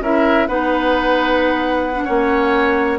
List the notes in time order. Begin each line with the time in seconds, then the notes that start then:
0.00 C#4 E4 A#4 E5
0.47 B3 D#4 B4 F#5
1.95 D4
2.04 A#3 C#4 C#5